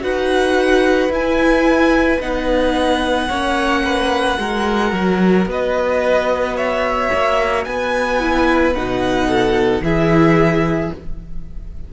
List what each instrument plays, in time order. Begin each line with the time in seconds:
0.00 cello D#4, viola F#4, violin B4 F#5
1.09 cello E4, viola E4, violin G#5
2.20 cello B3, viola D#4, violin F#5
3.27 cello A#3, viola C#4, violin C#5
3.84 violin B4
4.38 cello G#3, viola F#4, violin A#4
4.92 cello F#3
5.45 cello B3, violin B4 D#5
6.56 violin C#5 E5
7.12 cello A#3
7.64 cello B3, violin B4 G#5
8.20 viola E4
8.75 cello B2, viola D#4, violin F#5
9.27 violin A4
9.80 cello E3, viola E4, violin G#4 E5